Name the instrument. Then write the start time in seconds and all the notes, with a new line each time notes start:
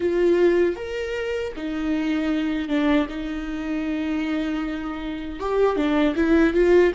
viola
0.00 F4
0.76 A#4
1.56 D#4
2.68 D4
3.08 D#4
5.39 G4
5.76 D4
6.15 E4
6.53 F4